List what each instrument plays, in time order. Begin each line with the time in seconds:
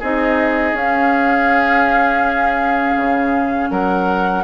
0.00 bassoon C4, clarinet D#4, oboe G#4, flute D#5
0.73 bassoon C#4, clarinet C#4, flute F5
2.96 bassoon C#3
3.71 bassoon F#3, oboe A#4, flute F#5